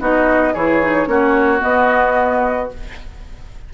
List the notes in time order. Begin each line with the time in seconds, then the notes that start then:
0.00 B3 D#4 F#4 D#5
0.54 E3 E4 G#4 C#5
0.82 D#4
1.06 A#3 C#4 F#4
1.60 B3 D#5